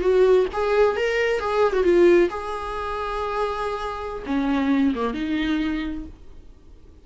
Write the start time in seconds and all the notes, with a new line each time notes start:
0.00 F#4
0.52 G#4
0.96 A#4
1.39 G#4
1.73 F#4
1.83 F4
2.29 G#4
4.26 C#4
4.95 A#3
5.13 D#4